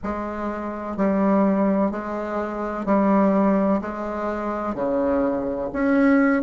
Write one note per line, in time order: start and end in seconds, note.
0.03 0.96 G#3
0.96 1.91 G3
1.91 2.85 G#3
2.85 3.81 G3
3.81 4.74 G#3
4.74 5.70 C#3
5.72 6.42 C#4